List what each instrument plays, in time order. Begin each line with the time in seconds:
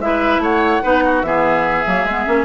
0.00 bassoon G#3, clarinet E4, oboe B4, flute E5
0.39 bassoon A3, oboe C#5, flute F#5
0.83 bassoon B3, clarinet D#4, oboe B4
1.05 oboe F#4
1.22 bassoon E3, clarinet B3, oboe G#4, flute E5
1.86 bassoon F#3, clarinet A#3
2.05 bassoon G#3, clarinet B3
2.26 bassoon A#3, clarinet C#4